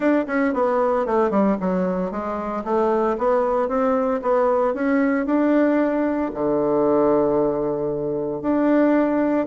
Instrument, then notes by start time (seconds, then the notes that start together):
bassoon
0.00 D4
0.27 C#4
0.53 B3
1.06 A3
1.30 G3
1.60 F#3
2.11 G#3
2.64 A3
3.17 B3
3.68 C4
4.22 B3
4.74 C#4
5.26 D4
6.34 D3
8.41 D4